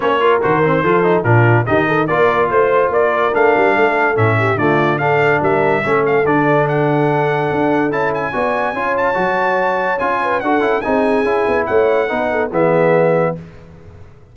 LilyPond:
<<
  \new Staff \with { instrumentName = "trumpet" } { \time 4/4 \tempo 4 = 144 cis''4 c''2 ais'4 | dis''4 d''4 c''4 d''4 | f''2 e''4 d''4 | f''4 e''4. f''8 d''4 |
fis''2. a''8 gis''8~ | gis''4. a''2~ a''8 | gis''4 fis''4 gis''2 | fis''2 e''2 | }
  \new Staff \with { instrumentName = "horn" } { \time 4/4 c''8 ais'4. a'4 f'4 | g'8 a'8 ais'4 c''4 ais'4~ | ais'4 a'4. g'8 f'4 | a'4 ais'4 a'2~ |
a'1 | d''4 cis''2.~ | cis''8 b'8 a'4 gis'2 | cis''4 b'8 a'8 gis'2 | }
  \new Staff \with { instrumentName = "trombone" } { \time 4/4 cis'8 f'8 fis'8 c'8 f'8 dis'8 d'4 | dis'4 f'2. | d'2 cis'4 a4 | d'2 cis'4 d'4~ |
d'2. e'4 | fis'4 f'4 fis'2 | f'4 fis'8 e'8 dis'4 e'4~ | e'4 dis'4 b2 | }
  \new Staff \with { instrumentName = "tuba" } { \time 4/4 ais4 dis4 f4 ais,4 | dis4 ais4 a4 ais4 | a8 g8 a4 a,4 d4~ | d4 g4 a4 d4~ |
d2 d'4 cis'4 | b4 cis'4 fis2 | cis'4 d'8 cis'8 c'4 cis'8 b8 | a4 b4 e2 | }
>>